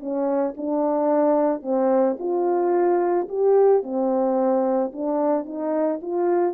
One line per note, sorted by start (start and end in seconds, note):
0.00 0.55 C#4
0.58 1.63 D4
1.63 2.17 C4
2.19 3.29 F4
3.29 3.84 G4
3.84 4.93 C4
4.93 5.46 D4
5.46 6.00 D#4
6.02 6.55 F4